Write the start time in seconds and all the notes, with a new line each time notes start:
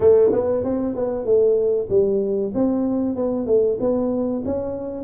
0.00 A3
0.32 B3
0.64 C4
0.95 B3
1.25 A3
1.89 G3
2.54 C4
3.15 B3
3.46 A3
3.80 B3
4.45 C#4